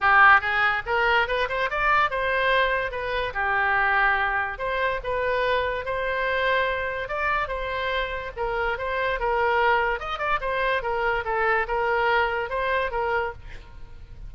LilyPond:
\new Staff \with { instrumentName = "oboe" } { \time 4/4 \tempo 4 = 144 g'4 gis'4 ais'4 b'8 c''8 | d''4 c''2 b'4 | g'2. c''4 | b'2 c''2~ |
c''4 d''4 c''2 | ais'4 c''4 ais'2 | dis''8 d''8 c''4 ais'4 a'4 | ais'2 c''4 ais'4 | }